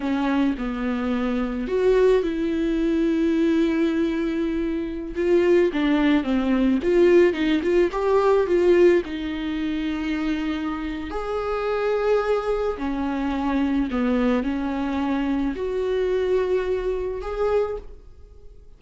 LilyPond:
\new Staff \with { instrumentName = "viola" } { \time 4/4 \tempo 4 = 108 cis'4 b2 fis'4 | e'1~ | e'4~ e'16 f'4 d'4 c'8.~ | c'16 f'4 dis'8 f'8 g'4 f'8.~ |
f'16 dis'2.~ dis'8. | gis'2. cis'4~ | cis'4 b4 cis'2 | fis'2. gis'4 | }